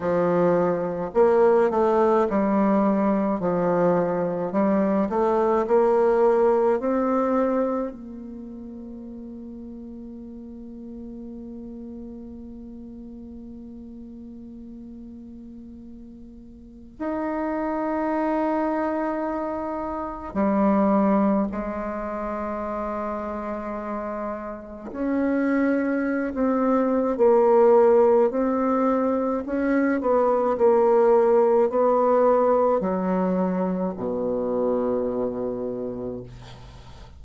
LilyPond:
\new Staff \with { instrumentName = "bassoon" } { \time 4/4 \tempo 4 = 53 f4 ais8 a8 g4 f4 | g8 a8 ais4 c'4 ais4~ | ais1~ | ais2. dis'4~ |
dis'2 g4 gis4~ | gis2 cis'4~ cis'16 c'8. | ais4 c'4 cis'8 b8 ais4 | b4 fis4 b,2 | }